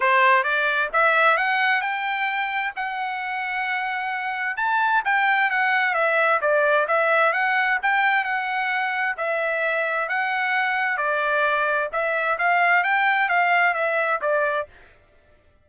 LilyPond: \new Staff \with { instrumentName = "trumpet" } { \time 4/4 \tempo 4 = 131 c''4 d''4 e''4 fis''4 | g''2 fis''2~ | fis''2 a''4 g''4 | fis''4 e''4 d''4 e''4 |
fis''4 g''4 fis''2 | e''2 fis''2 | d''2 e''4 f''4 | g''4 f''4 e''4 d''4 | }